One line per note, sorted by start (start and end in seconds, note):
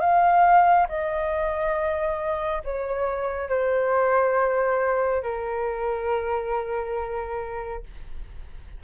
0.00 0.87 F5
0.88 2.62 D#5
2.64 3.49 C#5
3.49 5.23 C5
5.23 7.83 A#4